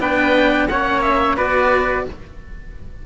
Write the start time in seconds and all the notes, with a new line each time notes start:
0.00 B3 D4 B4 G5
0.68 A#3 C#4 C#5 F#5
1.02 E5
1.37 B3 F#4 B4 D5